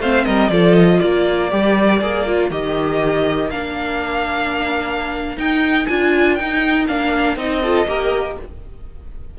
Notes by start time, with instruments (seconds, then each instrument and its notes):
0.00 cello A3, viola C4, violin C5 F5
0.25 cello G3, violin A#4 D#5
0.50 cello F3, viola F4, violin A4 D5
0.75 violin D#5
1.00 cello A#3, violin A#4 D5
1.50 cello G3, viola G4
2.01 cello A#3, viola G#4
2.27 viola F4
2.50 cello D#3, viola G4, violin D#5
3.51 cello A#3, viola D4, violin F5
5.38 viola D#4, cello D#4, violin G5
5.87 cello D4, viola F4, violin G#5
6.36 viola D#4, cello D#4, violin G5
6.88 cello A#3, viola D4, violin F5
7.36 cello C4, viola D#4, violin D#5
7.63 viola F4, violin A4
7.87 cello A#3, viola G4, violin A#4